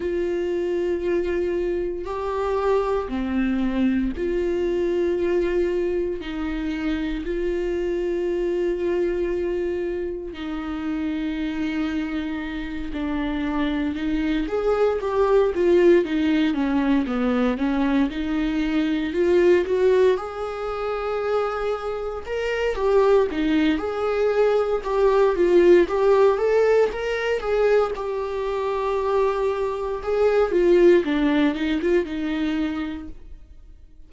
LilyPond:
\new Staff \with { instrumentName = "viola" } { \time 4/4 \tempo 4 = 58 f'2 g'4 c'4 | f'2 dis'4 f'4~ | f'2 dis'2~ | dis'8 d'4 dis'8 gis'8 g'8 f'8 dis'8 |
cis'8 b8 cis'8 dis'4 f'8 fis'8 gis'8~ | gis'4. ais'8 g'8 dis'8 gis'4 | g'8 f'8 g'8 a'8 ais'8 gis'8 g'4~ | g'4 gis'8 f'8 d'8 dis'16 f'16 dis'4 | }